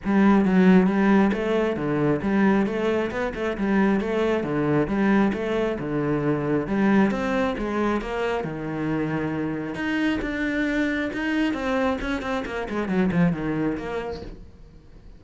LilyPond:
\new Staff \with { instrumentName = "cello" } { \time 4/4 \tempo 4 = 135 g4 fis4 g4 a4 | d4 g4 a4 b8 a8 | g4 a4 d4 g4 | a4 d2 g4 |
c'4 gis4 ais4 dis4~ | dis2 dis'4 d'4~ | d'4 dis'4 c'4 cis'8 c'8 | ais8 gis8 fis8 f8 dis4 ais4 | }